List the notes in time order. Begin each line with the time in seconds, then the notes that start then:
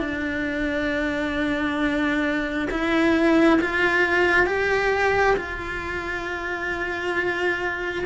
0.00 D4
2.71 E4
3.61 F4
4.47 G4
5.36 F4